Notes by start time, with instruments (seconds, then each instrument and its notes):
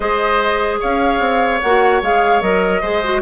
0.00 bassoon G#3, clarinet G#4, oboe C5, flute D#5
0.79 bassoon C#4, oboe C#5, flute F5
1.19 bassoon C4
1.60 bassoon A#3, clarinet F#4, flute F#5
2.02 bassoon G#3, clarinet G#4, flute F5
2.41 bassoon F#3, clarinet A#4, flute D#5
2.81 bassoon G#3, clarinet G#4, oboe C5
3.03 clarinet F#4